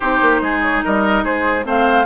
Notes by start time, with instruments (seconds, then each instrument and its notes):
0.00 bassoon C4, clarinet D#4, oboe G4, flute C5
0.21 bassoon A#3
0.41 bassoon G#3, oboe G#4
0.62 flute C#5
0.84 bassoon G3, oboe A#4, flute D#5
1.24 bassoon G#3, oboe G#4, flute C5
1.64 bassoon A3, clarinet C4, oboe C5, flute F5